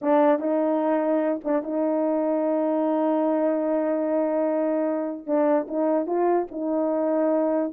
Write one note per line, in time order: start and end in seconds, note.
0.01 0.39 D4
0.39 1.40 D#4
1.43 1.63 D4
1.63 5.26 D#4
5.26 5.66 D4
5.68 6.06 D#4
6.06 6.47 F4
6.51 7.72 D#4